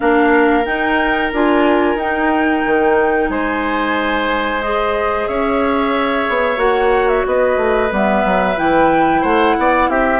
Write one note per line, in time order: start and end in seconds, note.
0.00 0.65 A#3
0.00 0.63 D4
0.00 3.30 A#4
0.00 0.65 F5
0.65 1.31 D#4
0.65 1.32 D#4
0.65 1.31 G5
1.33 1.95 D4
1.33 1.98 F4
1.33 1.98 G#5
1.95 2.61 D#4
1.95 4.61 D#4
1.95 3.30 G5
2.66 3.29 D#3
3.29 5.27 G#3
3.29 5.28 C5
3.29 4.61 G#5
4.61 6.57 G#4
4.61 5.27 D#5
5.27 6.27 C#4
5.27 7.26 C#5
5.27 6.59 E5
6.28 6.57 B3
6.57 7.23 A#3
6.57 7.88 F#4
6.57 7.08 F#5
7.08 7.25 E5
7.26 7.57 B3
7.26 9.21 B4
7.26 7.92 D#5
7.57 7.90 A3
7.89 8.24 G3
7.89 8.55 B3
7.89 8.58 E5
8.25 8.58 F#3
8.56 9.23 E3
8.56 10.19 E4
8.56 9.23 G5
9.21 9.56 A3
9.21 9.54 C5
9.21 9.89 F#5
9.58 9.88 B3
9.58 9.89 D5
9.88 10.19 C4
9.88 10.19 G4
9.88 10.19 E5